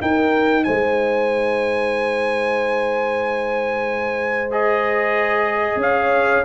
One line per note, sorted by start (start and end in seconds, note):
0.00 4.51 D#4
0.00 0.66 D#4
0.00 0.65 A#4
0.00 0.64 G5
0.64 5.76 G#3
0.64 5.81 C5
0.64 4.51 G#5
4.51 6.44 G#4
4.51 5.80 D#5
5.76 6.41 C#4
5.76 6.44 F5
5.83 6.44 C#5